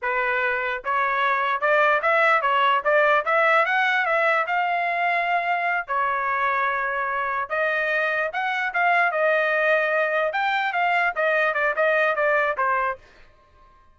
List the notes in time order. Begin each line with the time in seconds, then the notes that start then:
0.01 B4
0.84 C#5
1.60 D5
2.02 E5
2.41 C#5
2.84 D5
3.25 E5
3.65 F#5
4.05 E5
4.46 F5
5.87 C#5
7.49 D#5
8.32 F#5
8.73 F5
9.11 D#5
10.32 G5
10.72 F5
11.15 D#5
11.54 D5
11.75 D#5
12.15 D5
12.57 C5